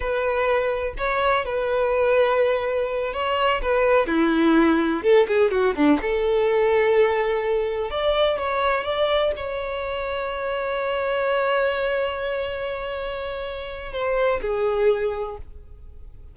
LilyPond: \new Staff \with { instrumentName = "violin" } { \time 4/4 \tempo 4 = 125 b'2 cis''4 b'4~ | b'2~ b'8 cis''4 b'8~ | b'8 e'2 a'8 gis'8 fis'8 | d'8 a'2.~ a'8~ |
a'8 d''4 cis''4 d''4 cis''8~ | cis''1~ | cis''1~ | cis''4 c''4 gis'2 | }